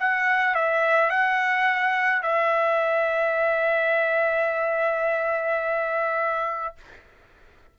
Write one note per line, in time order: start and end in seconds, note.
0.00 0.55 F#5
0.55 1.10 E5
1.10 2.23 F#5
2.23 6.76 E5